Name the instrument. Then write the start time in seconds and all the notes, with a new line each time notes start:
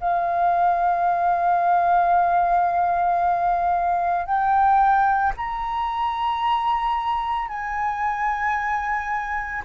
flute
0.00 F5
4.26 G5
5.37 A#5
7.48 G#5